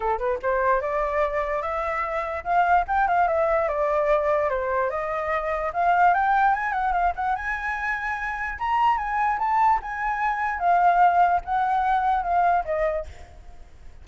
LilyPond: \new Staff \with { instrumentName = "flute" } { \time 4/4 \tempo 4 = 147 a'8 b'8 c''4 d''2 | e''2 f''4 g''8 f''8 | e''4 d''2 c''4 | dis''2 f''4 g''4 |
gis''8 fis''8 f''8 fis''8 gis''2~ | gis''4 ais''4 gis''4 a''4 | gis''2 f''2 | fis''2 f''4 dis''4 | }